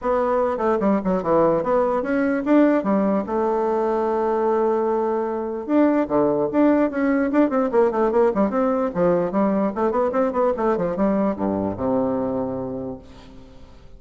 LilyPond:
\new Staff \with { instrumentName = "bassoon" } { \time 4/4 \tempo 4 = 148 b4. a8 g8 fis8 e4 | b4 cis'4 d'4 g4 | a1~ | a2 d'4 d4 |
d'4 cis'4 d'8 c'8 ais8 a8 | ais8 g8 c'4 f4 g4 | a8 b8 c'8 b8 a8 f8 g4 | g,4 c2. | }